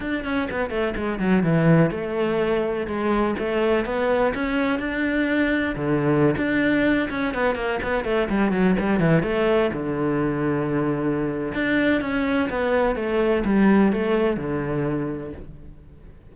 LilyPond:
\new Staff \with { instrumentName = "cello" } { \time 4/4 \tempo 4 = 125 d'8 cis'8 b8 a8 gis8 fis8 e4 | a2 gis4 a4 | b4 cis'4 d'2 | d4~ d16 d'4. cis'8 b8 ais16~ |
ais16 b8 a8 g8 fis8 g8 e8 a8.~ | a16 d2.~ d8. | d'4 cis'4 b4 a4 | g4 a4 d2 | }